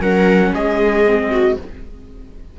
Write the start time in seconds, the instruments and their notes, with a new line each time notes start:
0.00 cello F#3, viola C#4 A#4, trumpet F#5
0.53 cello G#3, viola G#4, trumpet D#5
1.05 viola C4
1.31 viola F#4